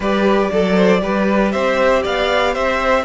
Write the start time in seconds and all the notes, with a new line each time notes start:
0.00 G3 G4 B4 D5
0.51 F#3 A4
0.75 C5
0.99 G3 G4 B4
1.51 C4 C5 E5
2.02 B3 D5 F5
2.53 C4 C5 E5